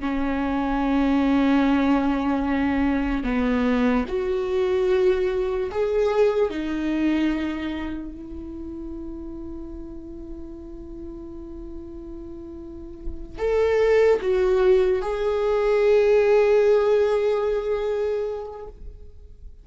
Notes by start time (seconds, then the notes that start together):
0.00 C#4
3.24 B3
4.08 F#4
5.71 G#4
6.50 D#4
8.12 E4
13.38 A4
14.21 F#4
15.01 G#4